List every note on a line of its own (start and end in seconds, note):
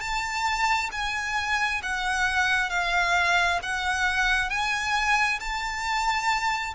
0.00 0.90 A5
0.92 1.81 G#5
1.82 2.69 F#5
2.69 3.59 F5
3.62 4.50 F#5
4.50 5.39 G#5
5.40 6.74 A5